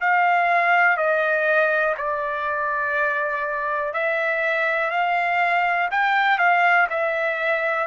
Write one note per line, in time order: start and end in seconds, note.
0.00 0.97 F5
0.97 1.95 D#5
1.97 3.93 D5
3.93 4.90 E5
4.90 5.88 F5
5.91 6.38 G5
6.38 6.87 F5
6.89 7.87 E5